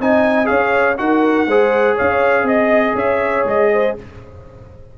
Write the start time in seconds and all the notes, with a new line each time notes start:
0.00 C4 D#4 D#5 G#5
0.45 C#4 G#4 C#5 F5
0.98 D#4 F#4 A#4 F#5
1.47 G#3 G#4 C5
1.95 C#4 C#5 F5
2.43 C4 D#5
2.95 C#4 C#5 E5
3.45 G#3 D#5
3.73 C5